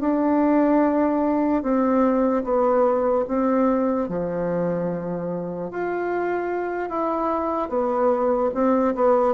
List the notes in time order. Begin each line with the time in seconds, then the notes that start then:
0.00 D4
1.62 C4
2.43 B3
3.28 C4
4.08 F3
5.70 F4
6.89 E4
7.69 B3
8.54 C4
8.95 B3